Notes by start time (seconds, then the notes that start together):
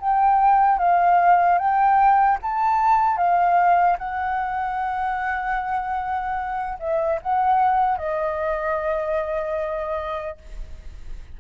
0.00 G5
0.78 F5
1.58 G5
2.42 A5
3.17 F5
3.98 F#5
6.79 E5
7.22 F#5
7.97 D#5